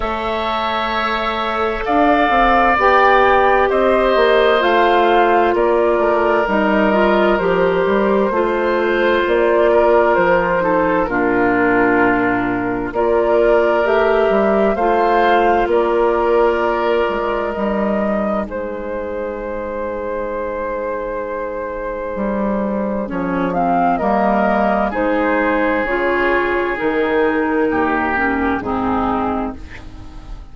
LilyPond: <<
  \new Staff \with { instrumentName = "flute" } { \time 4/4 \tempo 4 = 65 e''2 f''4 g''4 | dis''4 f''4 d''4 dis''4 | c''2 d''4 c''4 | ais'2 d''4 e''4 |
f''4 d''2 dis''4 | c''1~ | c''4 cis''8 f''8 dis''4 c''4 | cis''4 ais'2 gis'4 | }
  \new Staff \with { instrumentName = "oboe" } { \time 4/4 cis''2 d''2 | c''2 ais'2~ | ais'4 c''4. ais'4 a'8 | f'2 ais'2 |
c''4 ais'2. | gis'1~ | gis'2 ais'4 gis'4~ | gis'2 g'4 dis'4 | }
  \new Staff \with { instrumentName = "clarinet" } { \time 4/4 a'2. g'4~ | g'4 f'2 dis'8 f'8 | g'4 f'2~ f'8 dis'8 | d'2 f'4 g'4 |
f'2. dis'4~ | dis'1~ | dis'4 cis'8 c'8 ais4 dis'4 | f'4 dis'4. cis'8 c'4 | }
  \new Staff \with { instrumentName = "bassoon" } { \time 4/4 a2 d'8 c'8 b4 | c'8 ais8 a4 ais8 a8 g4 | f8 g8 a4 ais4 f4 | ais,2 ais4 a8 g8 |
a4 ais4. gis8 g4 | gis1 | g4 f4 g4 gis4 | cis4 dis4 dis,4 gis,4 | }
>>